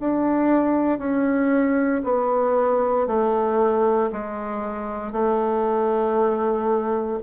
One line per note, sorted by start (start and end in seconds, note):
0.00 0.99 D4
0.99 2.02 C#4
2.04 3.07 B3
3.07 4.11 A3
4.12 5.12 G#3
5.12 7.19 A3